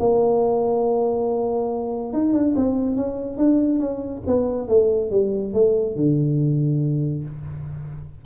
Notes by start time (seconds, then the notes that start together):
0.00 A#3
2.14 D#4
2.34 D4
2.56 C4
2.96 C#4
3.38 D4
3.80 C#4
4.27 B3
4.69 A3
5.11 G3
5.54 A3
5.96 D3